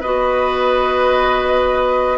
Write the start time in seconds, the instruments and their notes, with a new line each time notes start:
0.00 bassoon B3, clarinet F#4, oboe B4, flute D#5